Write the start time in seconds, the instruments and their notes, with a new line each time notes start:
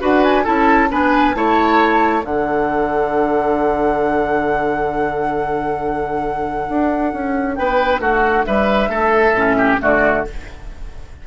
0.00 bassoon D4, clarinet F#4, oboe B4, flute F#5
0.23 flute G#5
0.44 bassoon C#4, clarinet E4, oboe A4, flute A5
0.91 bassoon B3, clarinet D4, oboe B4, flute G#5
1.34 bassoon A3, clarinet E4, oboe C#5, flute A5
2.23 bassoon D3, clarinet D4, oboe A4, flute F#5
6.69 bassoon D4
7.13 bassoon C#4
7.55 bassoon B3, oboe B4, flute G5
7.99 bassoon A3, oboe F#4, flute F#5
8.45 bassoon G3, oboe B4, flute E5
8.88 bassoon A3, oboe A4
9.32 bassoon A2, clarinet C#4
9.58 oboe G4
9.80 bassoon D3, clarinet A3, oboe F#4, flute D5